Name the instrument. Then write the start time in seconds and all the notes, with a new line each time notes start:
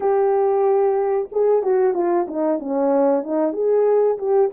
horn
0.00 G4
1.32 G#4
1.62 F#4
1.94 F4
2.27 D#4
2.59 C#4
3.23 D#4
3.52 G#4
4.18 G4